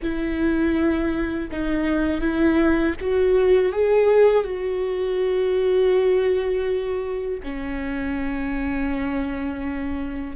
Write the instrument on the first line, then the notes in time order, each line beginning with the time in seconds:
viola
0.02 E4
1.51 D#4
2.20 E4
3.00 F#4
3.72 G#4
4.44 F#4
7.43 C#4